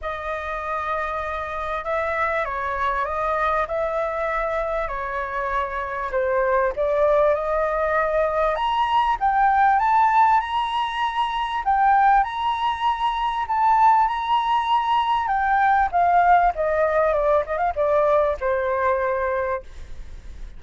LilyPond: \new Staff \with { instrumentName = "flute" } { \time 4/4 \tempo 4 = 98 dis''2. e''4 | cis''4 dis''4 e''2 | cis''2 c''4 d''4 | dis''2 ais''4 g''4 |
a''4 ais''2 g''4 | ais''2 a''4 ais''4~ | ais''4 g''4 f''4 dis''4 | d''8 dis''16 f''16 d''4 c''2 | }